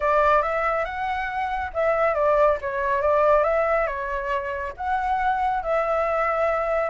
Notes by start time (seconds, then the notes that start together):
0.00 D5
0.42 E5
0.84 F#5
1.73 E5
2.14 D5
2.61 C#5
3.01 D5
3.43 E5
3.86 C#5
4.77 F#5
5.63 E5